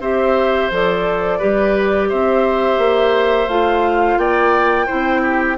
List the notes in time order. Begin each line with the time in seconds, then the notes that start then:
0.00 C4 G4 C5 E5
0.70 F3 A4 D5
1.39 G3 G4 B4
2.09 C4 C5 E5
2.78 A#3
3.48 A3 F4 F5
4.17 A#3 D5 G5
4.86 C4 E4 C5
5.22 G4